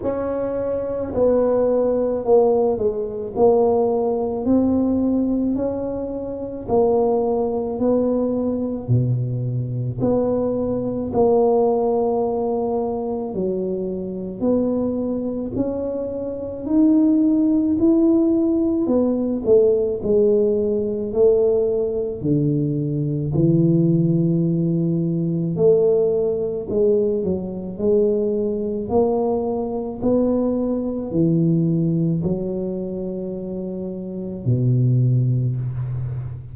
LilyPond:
\new Staff \with { instrumentName = "tuba" } { \time 4/4 \tempo 4 = 54 cis'4 b4 ais8 gis8 ais4 | c'4 cis'4 ais4 b4 | b,4 b4 ais2 | fis4 b4 cis'4 dis'4 |
e'4 b8 a8 gis4 a4 | d4 e2 a4 | gis8 fis8 gis4 ais4 b4 | e4 fis2 b,4 | }